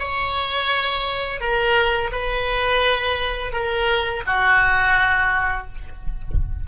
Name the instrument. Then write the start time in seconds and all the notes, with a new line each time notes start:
oboe
0.00 C#5
1.41 A#4
2.13 B4
3.53 A#4
4.27 F#4